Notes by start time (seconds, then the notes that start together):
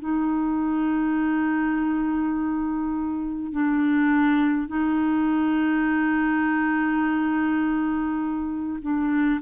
0.00 D#4
3.52 D4
4.68 D#4
8.82 D4